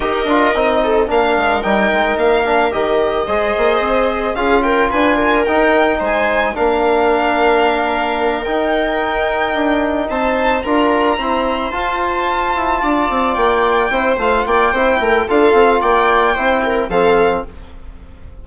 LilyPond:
<<
  \new Staff \with { instrumentName = "violin" } { \time 4/4 \tempo 4 = 110 dis''2 f''4 g''4 | f''4 dis''2. | f''8 g''8 gis''4 g''4 gis''4 | f''2.~ f''8 g''8~ |
g''2~ g''8 a''4 ais''8~ | ais''4. a''2~ a''8~ | a''8 g''4. f''8 g''4. | f''4 g''2 f''4 | }
  \new Staff \with { instrumentName = "viola" } { \time 4/4 ais'4. a'8 ais'2~ | ais'2 c''2 | gis'8 ais'8 b'8 ais'4. c''4 | ais'1~ |
ais'2~ ais'8 c''4 ais'8~ | ais'8 c''2. d''8~ | d''4. c''4 d''8 c''8 ais'8 | a'4 d''4 c''8 ais'8 a'4 | }
  \new Staff \with { instrumentName = "trombone" } { \time 4/4 g'8 f'8 dis'4 d'4 dis'4~ | dis'8 d'8 g'4 gis'2 | f'2 dis'2 | d'2.~ d'8 dis'8~ |
dis'2.~ dis'8 f'8~ | f'8 c'4 f'2~ f'8~ | f'4. e'8 f'4 e'4 | f'2 e'4 c'4 | }
  \new Staff \with { instrumentName = "bassoon" } { \time 4/4 dis'8 d'8 c'4 ais8 gis8 g8 gis8 | ais4 dis4 gis8 ais8 c'4 | cis'4 d'4 dis'4 gis4 | ais2.~ ais8 dis'8~ |
dis'4. d'4 c'4 d'8~ | d'8 e'4 f'4. e'8 d'8 | c'8 ais4 c'8 a8 ais8 c'8 a8 | d'8 c'8 ais4 c'4 f4 | }
>>